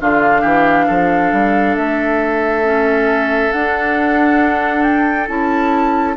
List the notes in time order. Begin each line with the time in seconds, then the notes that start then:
0.00 D3 D4 F4 F5
0.41 E3 G4
0.87 F3 A4
1.33 G3
1.76 A3 E5
2.64 C#4
3.52 D4 F#5
4.83 G5
5.28 C#4 E4 A5